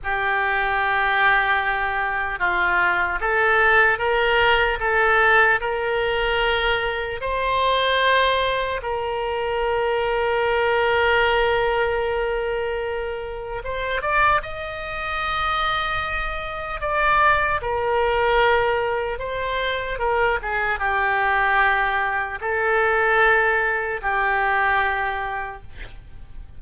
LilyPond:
\new Staff \with { instrumentName = "oboe" } { \time 4/4 \tempo 4 = 75 g'2. f'4 | a'4 ais'4 a'4 ais'4~ | ais'4 c''2 ais'4~ | ais'1~ |
ais'4 c''8 d''8 dis''2~ | dis''4 d''4 ais'2 | c''4 ais'8 gis'8 g'2 | a'2 g'2 | }